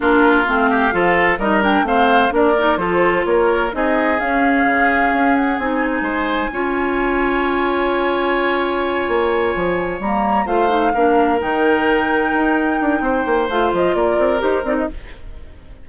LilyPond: <<
  \new Staff \with { instrumentName = "flute" } { \time 4/4 \tempo 4 = 129 ais'4 f''2 dis''8 g''8 | f''4 d''4 c''4 cis''4 | dis''4 f''2~ f''8 fis''8 | gis''1~ |
gis''1~ | gis''4. ais''4 f''4.~ | f''8 g''2.~ g''8~ | g''4 f''8 dis''8 d''4 c''8 d''16 dis''16 | }
  \new Staff \with { instrumentName = "oboe" } { \time 4/4 f'4. g'8 a'4 ais'4 | c''4 ais'4 a'4 ais'4 | gis'1~ | gis'4 c''4 cis''2~ |
cis''1~ | cis''2~ cis''8 c''4 ais'8~ | ais'1 | c''2 ais'2 | }
  \new Staff \with { instrumentName = "clarinet" } { \time 4/4 d'4 c'4 f'4 dis'8 d'8 | c'4 d'8 dis'8 f'2 | dis'4 cis'2. | dis'2 f'2~ |
f'1~ | f'4. ais4 f'8 dis'8 d'8~ | d'8 dis'2.~ dis'8~ | dis'4 f'2 g'8 dis'8 | }
  \new Staff \with { instrumentName = "bassoon" } { \time 4/4 ais4 a4 f4 g4 | a4 ais4 f4 ais4 | c'4 cis'4 cis4 cis'4 | c'4 gis4 cis'2~ |
cis'2.~ cis'8 ais8~ | ais8 f4 g4 a4 ais8~ | ais8 dis2 dis'4 d'8 | c'8 ais8 a8 f8 ais8 c'8 dis'8 c'8 | }
>>